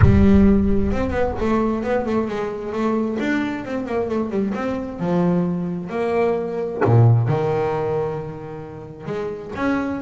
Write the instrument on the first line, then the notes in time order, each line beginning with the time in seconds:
double bass
0.01 G3
0.92 C4
1.10 B3
1.40 A3
1.83 B3
2.06 A3
2.28 G#3
2.72 A3
3.19 D4
3.64 C4
3.86 A#3
4.08 A3
4.30 G3
4.54 C4
4.99 F3
5.89 A#3
6.84 A#2
7.28 D#3
9.06 G#3
9.55 C#4